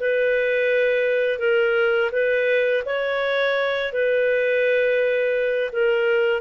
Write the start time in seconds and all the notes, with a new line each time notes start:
0.00 B4
1.39 A#4
2.12 B4
2.86 C#5
3.93 B4
5.72 A#4